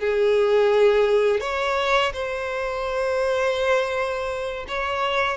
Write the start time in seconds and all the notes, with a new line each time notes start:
0.00 G#4
1.41 C#5
2.13 C5
4.68 C#5